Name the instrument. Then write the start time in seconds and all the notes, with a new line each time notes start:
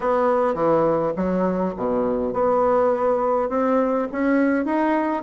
bassoon
0.00 B3
0.54 E3
1.16 F#3
1.76 B2
2.33 B3
3.49 C4
4.11 C#4
4.65 D#4